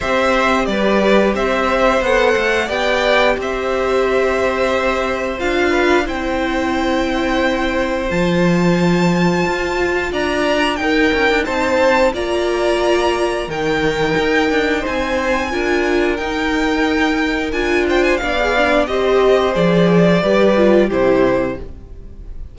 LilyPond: <<
  \new Staff \with { instrumentName = "violin" } { \time 4/4 \tempo 4 = 89 e''4 d''4 e''4 fis''4 | g''4 e''2. | f''4 g''2. | a''2. ais''4 |
g''4 a''4 ais''2 | g''2 gis''2 | g''2 gis''8 g''16 gis''16 f''4 | dis''4 d''2 c''4 | }
  \new Staff \with { instrumentName = "violin" } { \time 4/4 c''4 b'4 c''2 | d''4 c''2.~ | c''8 b'8 c''2.~ | c''2. d''4 |
ais'4 c''4 d''2 | ais'2 c''4 ais'4~ | ais'2~ ais'8 c''8 d''4 | c''2 b'4 g'4 | }
  \new Staff \with { instrumentName = "viola" } { \time 4/4 g'2. a'4 | g'1 | f'4 e'2. | f'1 |
dis'2 f'2 | dis'2. f'4 | dis'2 f'4 d'16 gis'16 d'8 | g'4 gis'4 g'8 f'8 e'4 | }
  \new Staff \with { instrumentName = "cello" } { \time 4/4 c'4 g4 c'4 b8 a8 | b4 c'2. | d'4 c'2. | f2 f'4 d'4 |
dis'8 cis'16 d'16 c'4 ais2 | dis4 dis'8 d'8 c'4 d'4 | dis'2 d'4 b4 | c'4 f4 g4 c4 | }
>>